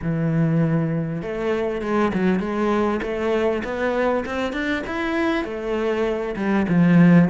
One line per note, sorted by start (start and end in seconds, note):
0.02 1.21 E3
1.21 1.81 A3
1.81 2.12 G#3
2.13 2.39 F#3
2.39 3.00 G#3
3.02 3.63 A3
3.64 4.24 B3
4.25 4.52 C4
4.52 4.83 D4
4.87 5.44 E4
5.44 6.35 A3
6.36 6.66 G3
6.68 7.29 F3